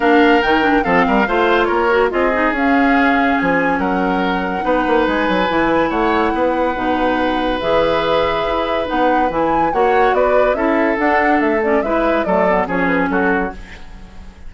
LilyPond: <<
  \new Staff \with { instrumentName = "flute" } { \time 4/4 \tempo 4 = 142 f''4 g''4 f''2 | cis''4 dis''4 f''2 | gis''4 fis''2. | gis''2 fis''2~ |
fis''2 e''2~ | e''4 fis''4 gis''4 fis''4 | d''4 e''4 fis''4 e''8 d''8 | e''4 d''4 cis''8 b'8 a'4 | }
  \new Staff \with { instrumentName = "oboe" } { \time 4/4 ais'2 a'8 ais'8 c''4 | ais'4 gis'2.~ | gis'4 ais'2 b'4~ | b'2 cis''4 b'4~ |
b'1~ | b'2. cis''4 | b'4 a'2. | b'4 a'4 gis'4 fis'4 | }
  \new Staff \with { instrumentName = "clarinet" } { \time 4/4 d'4 dis'8 d'8 c'4 f'4~ | f'8 fis'8 f'8 dis'8 cis'2~ | cis'2. dis'4~ | dis'4 e'2. |
dis'2 gis'2~ | gis'4 dis'4 e'4 fis'4~ | fis'4 e'4 d'4. cis'8 | e'4 a8 b8 cis'2 | }
  \new Staff \with { instrumentName = "bassoon" } { \time 4/4 ais4 dis4 f8 g8 a4 | ais4 c'4 cis'2 | f4 fis2 b8 ais8 | gis8 fis8 e4 a4 b4 |
b,2 e2 | e'4 b4 e4 ais4 | b4 cis'4 d'4 a4 | gis4 fis4 f4 fis4 | }
>>